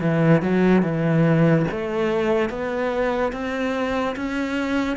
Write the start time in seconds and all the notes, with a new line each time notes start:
0.00 E3
0.42 F#3
0.82 E3
1.71 A3
2.50 B3
3.32 C4
4.16 C#4